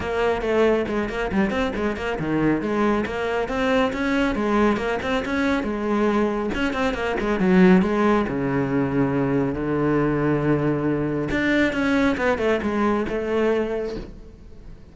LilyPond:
\new Staff \with { instrumentName = "cello" } { \time 4/4 \tempo 4 = 138 ais4 a4 gis8 ais8 g8 c'8 | gis8 ais8 dis4 gis4 ais4 | c'4 cis'4 gis4 ais8 c'8 | cis'4 gis2 cis'8 c'8 |
ais8 gis8 fis4 gis4 cis4~ | cis2 d2~ | d2 d'4 cis'4 | b8 a8 gis4 a2 | }